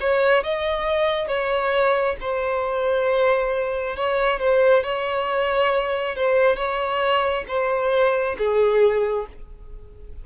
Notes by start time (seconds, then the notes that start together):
0.00 C#5
0.43 D#5
1.28 C#5
2.21 C5
3.96 C#5
4.39 C5
4.84 C#5
6.16 C5
6.56 C#5
7.48 C5
8.38 G#4